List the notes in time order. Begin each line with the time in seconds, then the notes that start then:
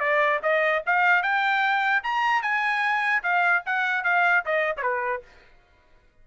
0.00 D5
0.43 D#5
0.86 F5
1.23 G5
2.04 A#5
2.43 G#5
3.23 F5
3.66 F#5
4.04 F5
4.46 D#5
4.77 B4 C#5